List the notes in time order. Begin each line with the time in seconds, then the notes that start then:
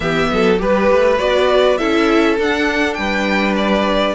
0.00 E3 B3 G4 E5
0.31 F#3 A4
0.57 G3 G4 B4
0.91 A3
1.18 B3 F#4 D5
1.77 C#4 E4 A4 E5
2.38 D4 F#5
2.94 G3 B4 G5
3.56 D5